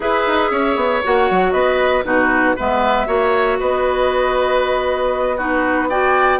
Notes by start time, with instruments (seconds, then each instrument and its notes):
0.00 bassoon E4, clarinet G#4, oboe B4, flute E5
0.26 bassoon D#4
0.50 bassoon C#4, oboe C#5
0.75 bassoon B3
1.03 bassoon A#3, clarinet F#4, flute F#5
1.30 bassoon F#3
1.51 bassoon B3, oboe B4, flute D#5
2.03 bassoon B2, clarinet D#4, oboe F#4, flute B4
2.56 bassoon G#3, clarinet B3, oboe B4, flute E5
3.06 bassoon A#3, clarinet F#4, oboe C#5
3.59 bassoon B3, oboe B4, flute D#5
5.37 clarinet D#4, oboe F#4, flute B4
5.89 clarinet F#4, oboe D5, flute G5